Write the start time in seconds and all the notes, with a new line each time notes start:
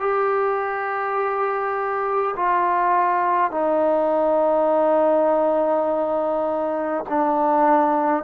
0.00 G4
2.36 F4
3.51 D#4
7.09 D4